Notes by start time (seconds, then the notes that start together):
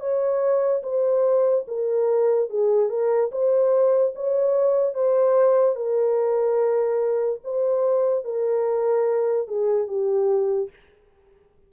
0.00 C#5
0.83 C5
1.68 A#4
2.50 G#4
2.90 A#4
3.32 C5
4.15 C#5
4.94 C5
5.76 A#4
7.44 C5
8.25 A#4
9.47 G#4
9.88 G4